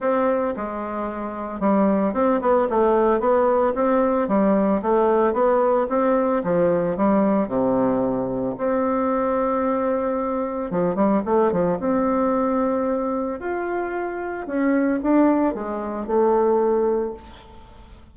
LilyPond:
\new Staff \with { instrumentName = "bassoon" } { \time 4/4 \tempo 4 = 112 c'4 gis2 g4 | c'8 b8 a4 b4 c'4 | g4 a4 b4 c'4 | f4 g4 c2 |
c'1 | f8 g8 a8 f8 c'2~ | c'4 f'2 cis'4 | d'4 gis4 a2 | }